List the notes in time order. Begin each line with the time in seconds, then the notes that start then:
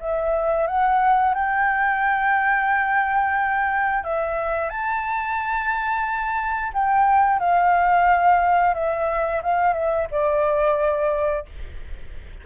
0.00 E5
0.67 F#5
1.35 G5
4.04 E5
4.69 A5
6.74 G5
7.39 F5
8.75 E5
9.43 F5
9.74 E5
10.11 D5